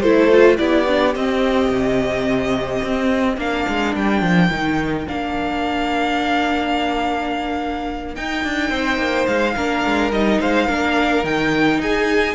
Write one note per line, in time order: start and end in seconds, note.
0.00 0.59 A3
0.00 0.30 E4
0.00 0.58 A4
0.00 0.56 C5
0.30 0.57 F4
0.57 1.15 B3
0.57 0.85 E4
0.57 3.37 G4
0.57 1.13 D5
0.86 1.14 D4
1.15 1.70 C4
1.15 3.37 C4
1.15 3.39 D#5
1.70 2.82 C3
2.82 3.37 C4
3.37 3.65 A#3
3.37 4.49 D4
3.37 8.70 A#4
3.37 3.95 F5
3.68 3.95 G#3
3.95 4.21 G3
3.95 5.07 G5
4.21 4.49 F3
4.50 5.07 D#3
4.50 5.06 D#4
5.06 8.16 A#3
5.06 8.15 D4
5.06 8.15 F5
8.15 9.55 D#4
8.15 8.44 D#4
8.15 9.26 G5
8.44 8.69 D4
8.69 8.97 C4
8.69 9.54 C5
8.97 9.25 A#3
9.26 9.56 G#3
9.26 10.10 F5
9.56 9.84 A#3
9.56 10.12 D4
9.56 10.40 A#4
9.85 10.11 G#3
10.11 10.39 G3
10.11 10.68 D#4
10.11 10.40 D#5
10.40 10.68 G#3
10.40 10.66 C5
10.40 11.24 F5
10.66 11.23 A#3
10.66 11.24 D4
10.66 11.78 A#4
11.23 11.79 D#3
11.23 12.34 D#4
11.23 11.80 G5
11.79 12.34 D#4
11.79 12.34 G#4
11.79 12.34 G#5